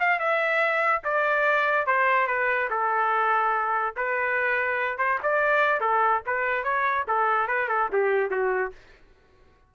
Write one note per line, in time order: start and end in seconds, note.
0.00 0.19 F5
0.19 1.03 E5
1.04 1.87 D5
1.87 2.28 C5
2.28 2.69 B4
2.70 3.95 A4
3.97 4.98 B4
4.98 5.19 C5
5.23 5.80 D5
5.80 6.22 A4
6.26 6.64 B4
6.64 7.05 C#5
7.08 7.48 A4
7.48 7.69 B4
7.69 7.90 A4
7.93 8.31 G4
8.31 8.72 F#4